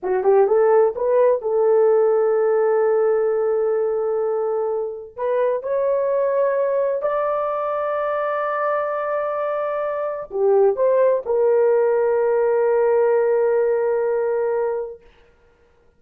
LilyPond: \new Staff \with { instrumentName = "horn" } { \time 4/4 \tempo 4 = 128 fis'8 g'8 a'4 b'4 a'4~ | a'1~ | a'2. b'4 | cis''2. d''4~ |
d''1~ | d''2 g'4 c''4 | ais'1~ | ais'1 | }